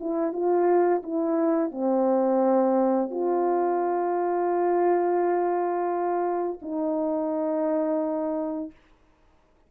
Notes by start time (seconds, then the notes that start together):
0.00 E4
0.33 F4
1.03 E4
1.71 C4
3.10 F4
6.62 D#4